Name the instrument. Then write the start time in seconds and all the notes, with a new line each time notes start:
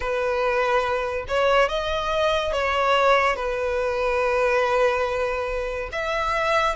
violin
0.00 B4
1.28 C#5
1.68 D#5
2.52 C#5
3.36 B4
5.92 E5